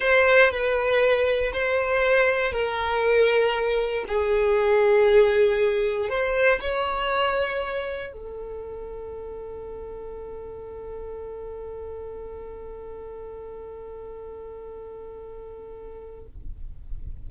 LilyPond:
\new Staff \with { instrumentName = "violin" } { \time 4/4 \tempo 4 = 118 c''4 b'2 c''4~ | c''4 ais'2. | gis'1 | c''4 cis''2. |
a'1~ | a'1~ | a'1~ | a'1 | }